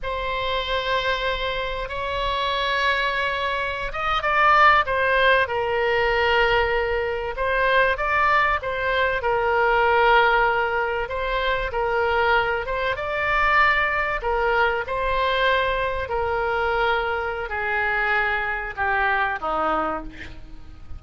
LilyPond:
\new Staff \with { instrumentName = "oboe" } { \time 4/4 \tempo 4 = 96 c''2. cis''4~ | cis''2~ cis''16 dis''8 d''4 c''16~ | c''8. ais'2. c''16~ | c''8. d''4 c''4 ais'4~ ais'16~ |
ais'4.~ ais'16 c''4 ais'4~ ais'16~ | ais'16 c''8 d''2 ais'4 c''16~ | c''4.~ c''16 ais'2~ ais'16 | gis'2 g'4 dis'4 | }